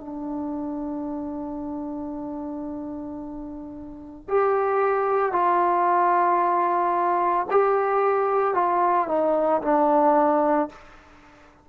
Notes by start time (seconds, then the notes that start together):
0.00 D4
4.28 G4
5.32 F4
7.50 G4
8.54 F4
9.08 D#4
9.62 D4